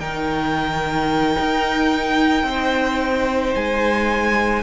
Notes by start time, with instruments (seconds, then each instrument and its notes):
0.00 cello D#3, viola D#4, violin A#4 G5
1.39 cello D#4
2.43 cello C4, violin C5
3.56 cello G#3, violin G#5